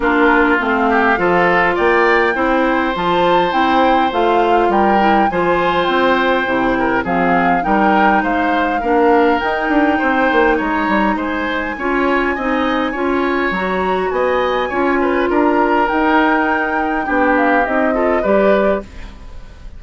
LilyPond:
<<
  \new Staff \with { instrumentName = "flute" } { \time 4/4 \tempo 4 = 102 ais'4 f''2 g''4~ | g''4 a''4 g''4 f''4 | g''4 gis''4 g''2 | f''4 g''4 f''2 |
g''2 ais''4 gis''4~ | gis''2. ais''4 | gis''2 ais''4 g''4~ | g''4. f''8 dis''4 d''4 | }
  \new Staff \with { instrumentName = "oboe" } { \time 4/4 f'4. g'8 a'4 d''4 | c''1 | ais'4 c''2~ c''8 ais'8 | gis'4 ais'4 c''4 ais'4~ |
ais'4 c''4 cis''4 c''4 | cis''4 dis''4 cis''2 | dis''4 cis''8 b'8 ais'2~ | ais'4 g'4. a'8 b'4 | }
  \new Staff \with { instrumentName = "clarinet" } { \time 4/4 d'4 c'4 f'2 | e'4 f'4 e'4 f'4~ | f'8 e'8 f'2 e'4 | c'4 dis'2 d'4 |
dis'1 | f'4 dis'4 f'4 fis'4~ | fis'4 f'2 dis'4~ | dis'4 d'4 dis'8 f'8 g'4 | }
  \new Staff \with { instrumentName = "bassoon" } { \time 4/4 ais4 a4 f4 ais4 | c'4 f4 c'4 a4 | g4 f4 c'4 c4 | f4 g4 gis4 ais4 |
dis'8 d'8 c'8 ais8 gis8 g8 gis4 | cis'4 c'4 cis'4 fis4 | b4 cis'4 d'4 dis'4~ | dis'4 b4 c'4 g4 | }
>>